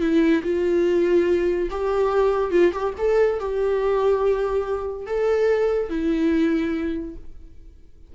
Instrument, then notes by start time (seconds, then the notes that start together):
viola
0.00 E4
0.43 F4
1.70 G4
2.51 F4
2.72 G4
2.98 A4
3.39 G4
5.06 A4
5.89 E4